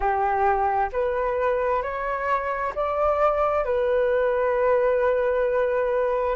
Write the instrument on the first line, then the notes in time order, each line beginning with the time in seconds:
flute
0.00 G4
0.92 B4
1.82 C#5
2.75 D5
3.64 B4